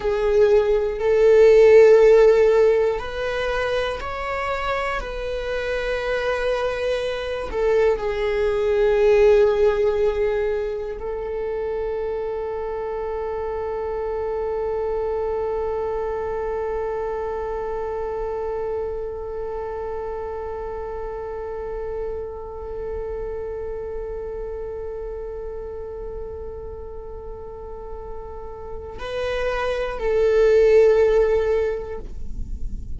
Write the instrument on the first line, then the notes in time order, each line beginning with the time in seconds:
viola
0.00 G#4
0.99 A4
2.99 B4
4.00 C#5
5.00 B4
7.50 A4
7.97 G#4
10.99 A4
28.99 B4
29.99 A4